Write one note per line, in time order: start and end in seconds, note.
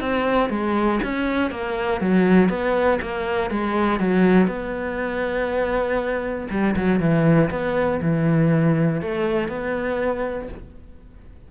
0.00 0.49 C4
0.49 0.99 G#3
1.03 1.50 C#4
1.50 2.00 A#3
2.00 2.49 F#3
2.49 2.99 B3
3.01 3.50 A#3
3.50 3.99 G#3
3.99 4.47 F#3
4.47 6.47 B3
6.50 6.75 G3
6.75 7.00 F#3
7.00 7.50 E3
7.50 8.00 B3
8.01 9.01 E3
9.01 9.48 A3
9.48 10.48 B3